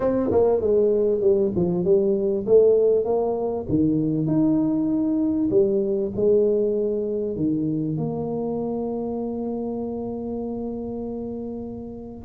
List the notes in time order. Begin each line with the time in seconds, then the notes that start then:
0.00 C4
0.31 A#3
0.61 G#3
1.21 G3
1.55 F3
1.84 G3
2.46 A3
3.04 A#3
3.68 D#3
4.26 D#4
5.50 G3
6.15 G#3
7.36 D#3
7.97 A#3